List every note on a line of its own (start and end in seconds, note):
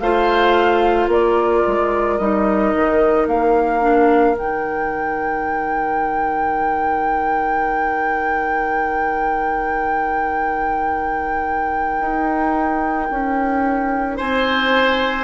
0.00 1.08 A3
0.00 2.20 F4
0.00 1.10 C5
0.00 1.09 F5
1.08 1.62 A#3
1.08 14.17 A#4
1.08 2.18 D5
1.67 2.19 G#3
2.18 2.74 G3
2.18 3.82 D#4
2.18 3.27 D#5
2.75 3.27 D#3
3.27 4.35 A#3
3.27 4.37 F5
3.82 4.35 D4
4.35 11.99 D#3
4.35 15.24 D#4
4.35 14.19 G5
12.00 13.10 D#4
13.10 14.20 C#4
14.17 15.24 C4
14.17 15.24 C5
14.17 15.24 G#5